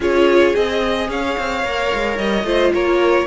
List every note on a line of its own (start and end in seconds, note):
0.00 0.53 C#4
0.00 0.55 F4
0.00 1.10 G#4
0.00 0.55 C#5
0.55 1.09 C4
0.55 1.64 G#4
0.55 1.10 D#5
1.09 1.36 C#4
1.09 2.45 C#5
1.09 2.17 F5
1.38 1.64 C4
1.64 1.91 A#3
1.64 2.45 A#4
1.94 2.18 G#3
2.17 2.43 G3
2.17 2.72 D#5
2.43 2.70 A3
2.43 3.26 F4
2.43 2.72 C5
2.74 3.26 A#3
2.74 3.26 A#4
2.74 3.26 C#5